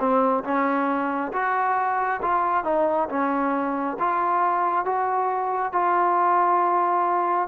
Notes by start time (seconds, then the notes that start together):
0.00 C4
0.45 C#4
1.33 F#4
2.22 F4
2.65 D#4
3.09 C#4
4.00 F4
4.86 F#4
5.73 F4